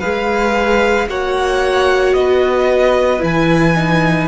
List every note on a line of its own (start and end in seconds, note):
0.00 1.08 G#3
0.00 1.09 G#4
0.00 1.07 B4
0.00 1.08 F5
1.08 2.14 A#3
1.08 3.19 F#4
1.08 2.17 C#5
1.08 2.14 F#5
2.14 3.21 B3
2.14 4.28 B4
2.14 3.21 D#5
3.19 4.28 E3
3.19 3.73 E4
3.19 4.28 G#5
3.75 4.28 D#4